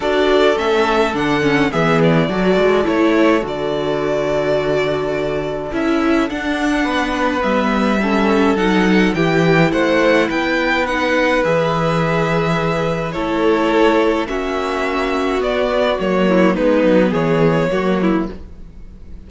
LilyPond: <<
  \new Staff \with { instrumentName = "violin" } { \time 4/4 \tempo 4 = 105 d''4 e''4 fis''4 e''8 d''8~ | d''4 cis''4 d''2~ | d''2 e''4 fis''4~ | fis''4 e''2 fis''4 |
g''4 fis''4 g''4 fis''4 | e''2. cis''4~ | cis''4 e''2 d''4 | cis''4 b'4 cis''2 | }
  \new Staff \with { instrumentName = "violin" } { \time 4/4 a'2. gis'4 | a'1~ | a'1 | b'2 a'2 |
g'4 c''4 b'2~ | b'2. a'4~ | a'4 fis'2.~ | fis'8 e'8 dis'4 gis'4 fis'8 e'8 | }
  \new Staff \with { instrumentName = "viola" } { \time 4/4 fis'4 cis'4 d'8 cis'8 b4 | fis'4 e'4 fis'2~ | fis'2 e'4 d'4~ | d'4 b4 cis'4 dis'4 |
e'2. dis'4 | gis'2. e'4~ | e'4 cis'2 b4 | ais4 b2 ais4 | }
  \new Staff \with { instrumentName = "cello" } { \time 4/4 d'4 a4 d4 e4 | fis8 gis8 a4 d2~ | d2 cis'4 d'4 | b4 g2 fis4 |
e4 a4 b2 | e2. a4~ | a4 ais2 b4 | fis4 gis8 fis8 e4 fis4 | }
>>